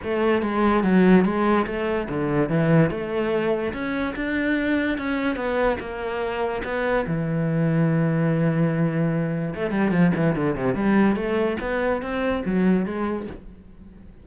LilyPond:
\new Staff \with { instrumentName = "cello" } { \time 4/4 \tempo 4 = 145 a4 gis4 fis4 gis4 | a4 d4 e4 a4~ | a4 cis'4 d'2 | cis'4 b4 ais2 |
b4 e2.~ | e2. a8 g8 | f8 e8 d8 c8 g4 a4 | b4 c'4 fis4 gis4 | }